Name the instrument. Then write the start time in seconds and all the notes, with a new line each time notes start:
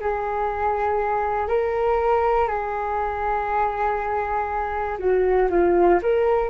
flute
0.00 G#4
1.48 A#4
2.48 G#4
4.98 F#4
5.50 F4
6.03 A#4